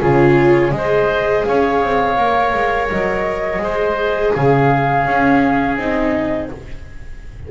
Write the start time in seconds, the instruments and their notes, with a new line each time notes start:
0.00 double bass C#3, viola F4, oboe G#4, flute C#5
0.72 double bass G#3, viola G#4, oboe C5, flute D#5
1.44 double bass C#4, oboe C#5, flute F5
1.83 double bass C4
2.17 double bass A#3, viola A#4
2.54 double bass G#3
2.90 double bass F#3, flute D#5
3.59 double bass G#3, viola G#4, oboe C5
4.34 double bass C#3, oboe G#4, flute F5
5.06 double bass C#4, viola C#4
5.76 double bass C4, viola D#4, flute D#5